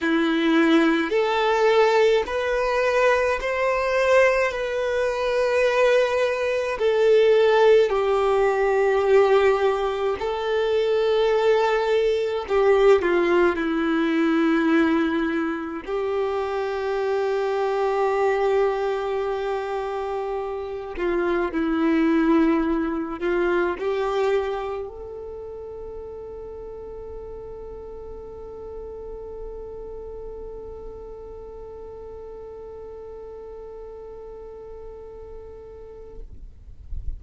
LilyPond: \new Staff \with { instrumentName = "violin" } { \time 4/4 \tempo 4 = 53 e'4 a'4 b'4 c''4 | b'2 a'4 g'4~ | g'4 a'2 g'8 f'8 | e'2 g'2~ |
g'2~ g'8 f'8 e'4~ | e'8 f'8 g'4 a'2~ | a'1~ | a'1 | }